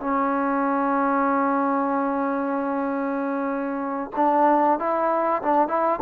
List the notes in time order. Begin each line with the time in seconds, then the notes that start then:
0.00 C#4
4.16 D4
4.79 E4
5.42 D4
5.68 E4